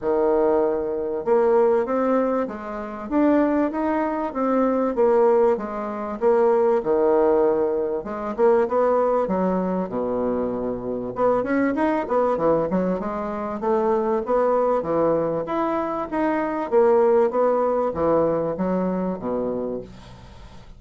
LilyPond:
\new Staff \with { instrumentName = "bassoon" } { \time 4/4 \tempo 4 = 97 dis2 ais4 c'4 | gis4 d'4 dis'4 c'4 | ais4 gis4 ais4 dis4~ | dis4 gis8 ais8 b4 fis4 |
b,2 b8 cis'8 dis'8 b8 | e8 fis8 gis4 a4 b4 | e4 e'4 dis'4 ais4 | b4 e4 fis4 b,4 | }